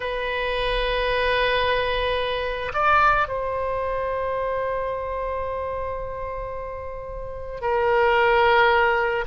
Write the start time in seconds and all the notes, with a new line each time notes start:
0.00 B4
2.73 D5
3.27 C5
7.61 A#4